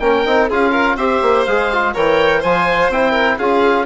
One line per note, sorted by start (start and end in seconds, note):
0.00 0.25 A#3
0.00 0.26 C#4
0.00 0.50 A#4
0.00 0.48 G5
0.26 0.51 C4
0.26 0.50 D#4
0.50 0.97 C#4
0.50 0.99 F4
0.50 0.72 G#4
0.50 0.97 F5
0.72 0.96 A#4
0.97 1.21 C4
0.97 1.47 G4
0.97 1.93 C5
0.97 1.45 E5
1.23 1.47 A#3
1.45 1.96 G#3
1.45 1.73 G#4
1.45 1.94 F5
1.73 1.95 F4
1.94 2.44 E3
1.94 2.43 A#4
1.94 2.40 C#5
1.94 2.43 G5
2.40 2.90 F3
2.40 2.93 F4
2.40 3.11 C5
2.40 2.92 G#5
2.90 3.38 C4
2.90 3.41 E4
2.90 3.39 G5
3.11 3.36 A#4
3.38 3.87 C#4
3.38 3.87 F4
3.38 3.87 G#4
3.38 3.87 F5